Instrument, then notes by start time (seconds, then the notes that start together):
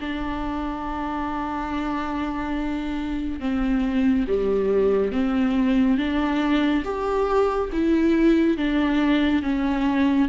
viola
0.00 D4
3.40 C4
4.27 G3
5.12 C4
5.97 D4
6.84 G4
7.72 E4
8.57 D4
9.42 C#4